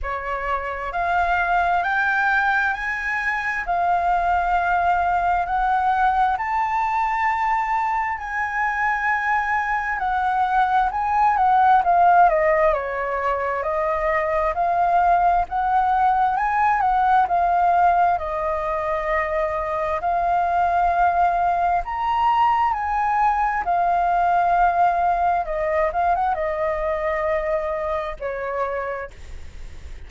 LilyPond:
\new Staff \with { instrumentName = "flute" } { \time 4/4 \tempo 4 = 66 cis''4 f''4 g''4 gis''4 | f''2 fis''4 a''4~ | a''4 gis''2 fis''4 | gis''8 fis''8 f''8 dis''8 cis''4 dis''4 |
f''4 fis''4 gis''8 fis''8 f''4 | dis''2 f''2 | ais''4 gis''4 f''2 | dis''8 f''16 fis''16 dis''2 cis''4 | }